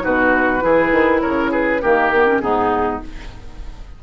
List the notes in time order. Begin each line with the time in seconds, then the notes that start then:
0.00 B2 D#4 F#4 B4
0.60 E3 E4 G#4
0.91 D#3
1.20 C#3 A#4 C#5
1.51 G#4 B4
1.81 D#3 A#3 G4 A#4
2.13 B3
2.26 C#4
2.39 G#2 B3 D#4 G#4